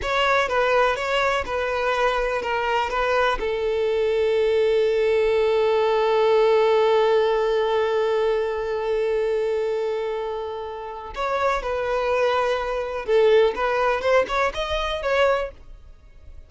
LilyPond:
\new Staff \with { instrumentName = "violin" } { \time 4/4 \tempo 4 = 124 cis''4 b'4 cis''4 b'4~ | b'4 ais'4 b'4 a'4~ | a'1~ | a'1~ |
a'1~ | a'2. cis''4 | b'2. a'4 | b'4 c''8 cis''8 dis''4 cis''4 | }